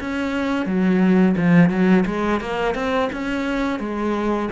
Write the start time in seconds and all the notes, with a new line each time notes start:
0.00 C#4
0.66 F#3
1.37 F3
1.70 F#3
2.05 G#3
2.40 A#3
2.74 C4
3.12 C#4
3.79 G#3